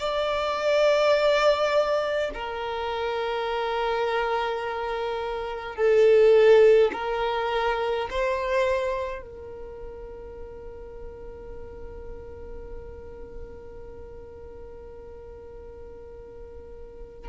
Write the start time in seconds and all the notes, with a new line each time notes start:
0.00 D5
2.34 A#4
5.76 A4
6.93 A#4
8.11 C5
9.23 A#4